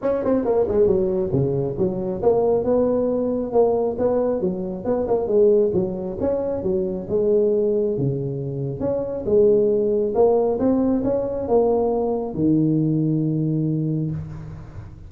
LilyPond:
\new Staff \with { instrumentName = "tuba" } { \time 4/4 \tempo 4 = 136 cis'8 c'8 ais8 gis8 fis4 cis4 | fis4 ais4 b2 | ais4 b4 fis4 b8 ais8 | gis4 fis4 cis'4 fis4 |
gis2 cis2 | cis'4 gis2 ais4 | c'4 cis'4 ais2 | dis1 | }